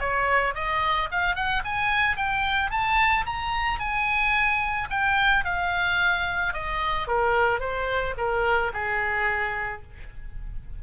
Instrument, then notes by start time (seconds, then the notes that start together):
oboe
0.00 C#5
0.55 D#5
1.12 F5
1.36 F#5
1.65 G#5
2.17 G5
2.71 A5
3.26 A#5
3.80 G#5
4.91 G5
5.45 F5
6.54 D#5
7.08 A#4
7.60 C5
8.18 A#4
8.74 G#4